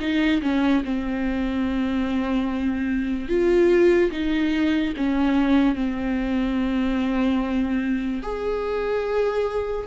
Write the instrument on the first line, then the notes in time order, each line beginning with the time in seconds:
viola
0.00 D#4
0.42 C#4
0.84 C4
3.29 F4
4.11 D#4
4.97 C#4
5.75 C4
8.22 G#4